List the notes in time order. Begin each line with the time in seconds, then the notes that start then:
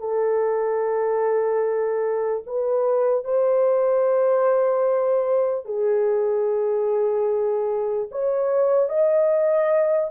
0.00 A4
2.47 B4
3.25 C5
5.65 G#4
8.12 C#5
8.90 D#5